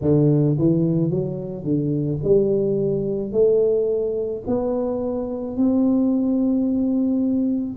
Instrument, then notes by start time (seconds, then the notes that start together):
tuba
0.01 D3
0.58 E3
1.10 F#3
1.64 D3
2.23 G3
3.31 A3
4.46 B3
5.57 C4